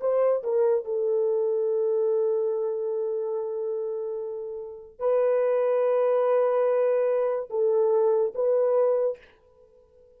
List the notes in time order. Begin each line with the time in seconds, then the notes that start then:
0.00 C5
0.43 A#4
0.84 A4
4.98 B4
7.50 A4
8.34 B4